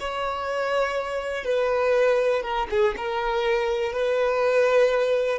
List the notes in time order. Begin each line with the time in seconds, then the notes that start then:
0.00 C#5
1.44 B4
2.43 A#4
2.70 G#4
2.97 A#4
3.93 B4